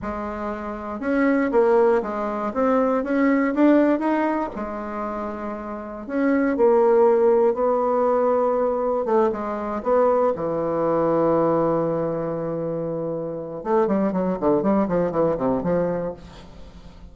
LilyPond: \new Staff \with { instrumentName = "bassoon" } { \time 4/4 \tempo 4 = 119 gis2 cis'4 ais4 | gis4 c'4 cis'4 d'4 | dis'4 gis2. | cis'4 ais2 b4~ |
b2 a8 gis4 b8~ | b8 e2.~ e8~ | e2. a8 g8 | fis8 d8 g8 f8 e8 c8 f4 | }